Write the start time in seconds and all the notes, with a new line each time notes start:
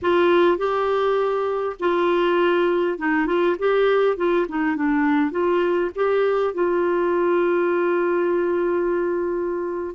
0.02 F4
0.57 G4
1.79 F4
2.98 D#4
3.26 F4
3.59 G4
4.16 F4
4.48 D#4
4.76 D4
5.31 F4
5.95 G4
6.54 F4